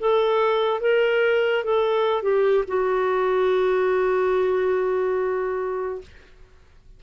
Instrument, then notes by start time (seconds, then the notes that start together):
clarinet
0.00 A4
0.81 A#4
1.64 A4
2.23 G4
2.68 F#4